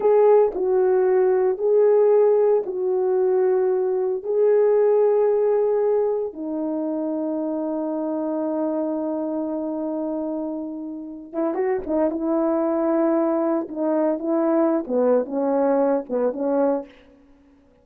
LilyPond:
\new Staff \with { instrumentName = "horn" } { \time 4/4 \tempo 4 = 114 gis'4 fis'2 gis'4~ | gis'4 fis'2. | gis'1 | dis'1~ |
dis'1~ | dis'4. e'8 fis'8 dis'8 e'4~ | e'2 dis'4 e'4~ | e'16 b8. cis'4. b8 cis'4 | }